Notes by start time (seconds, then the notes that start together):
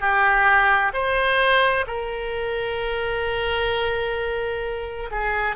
0.00 G4
0.94 C5
1.87 A#4
5.11 G#4